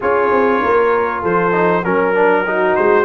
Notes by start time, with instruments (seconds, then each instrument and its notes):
0.00 tuba C#4, trombone F4, horn G#4, trumpet C#5
0.30 tuba C4
0.61 tuba A#3, horn A#4
1.22 tuba F3, horn A4, trumpet C5
1.52 trombone D#4
1.84 tuba F#3, trombone C#4, trumpet A#4, horn A#4
2.14 trombone D4
2.45 trombone D#4, horn F#4
2.75 tuba G#3, trumpet C5